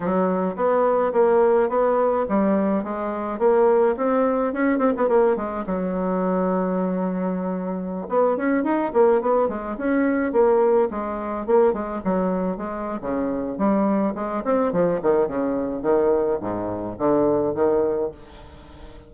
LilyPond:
\new Staff \with { instrumentName = "bassoon" } { \time 4/4 \tempo 4 = 106 fis4 b4 ais4 b4 | g4 gis4 ais4 c'4 | cis'8 c'16 b16 ais8 gis8 fis2~ | fis2~ fis16 b8 cis'8 dis'8 ais16~ |
ais16 b8 gis8 cis'4 ais4 gis8.~ | gis16 ais8 gis8 fis4 gis8. cis4 | g4 gis8 c'8 f8 dis8 cis4 | dis4 gis,4 d4 dis4 | }